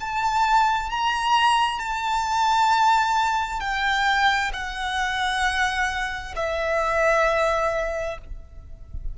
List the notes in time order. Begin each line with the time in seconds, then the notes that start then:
0.00 A5
0.90 A#5
1.79 A5
3.60 G5
4.52 F#5
6.36 E5